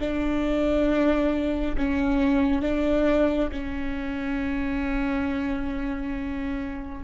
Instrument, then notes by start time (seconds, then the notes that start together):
viola
0.00 D4
1.77 C#4
2.62 D4
3.52 C#4